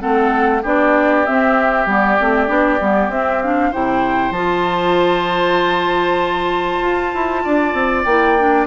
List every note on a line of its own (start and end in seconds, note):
0.00 0.65 A3
0.00 0.62 C4
0.00 0.62 A4
0.00 0.63 F#5
0.62 1.26 B3
0.62 1.27 D4
0.62 3.71 G4
0.62 1.26 D5
1.26 1.87 C4
1.26 1.88 E5
1.87 2.18 G3
1.87 2.18 B3
1.87 3.12 D5
2.20 2.49 A3
2.20 2.48 C4
2.48 2.80 B3
2.48 2.79 D4
2.81 3.09 G3
2.81 3.11 B3
3.09 3.71 C4
3.09 3.42 C4
3.09 3.42 E5
3.42 3.73 D4
3.42 3.73 F5
3.71 4.31 C3
3.71 4.35 E4
3.71 7.42 C5
3.71 4.33 G5
4.31 6.78 F3
4.31 8.07 F4
4.31 8.04 A5
6.81 7.12 F4
7.14 7.45 E4
7.44 7.73 D4
7.44 8.67 D5
7.73 8.04 C4
8.04 8.67 A#3
8.04 8.39 E4
8.04 8.66 G5
8.39 8.67 D4